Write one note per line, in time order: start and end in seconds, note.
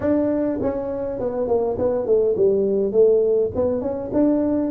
0.00 0.59 D4
0.61 1.19 C#4
1.19 1.47 B3
1.47 1.76 A#3
1.78 2.06 B3
2.06 2.35 A3
2.36 2.91 G3
2.91 3.50 A3
3.55 3.81 B3
3.81 4.10 C#4
4.13 4.71 D4